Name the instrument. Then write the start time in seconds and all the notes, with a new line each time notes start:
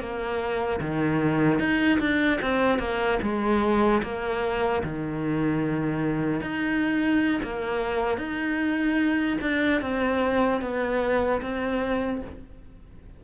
cello
0.00 A#3
0.80 D#3
1.59 D#4
1.99 D4
2.41 C4
2.79 A#3
3.22 G#3
4.03 A#3
4.84 D#3
6.41 D#4
7.43 A#3
8.17 D#4
9.41 D4
9.81 C4
10.61 B3
11.41 C4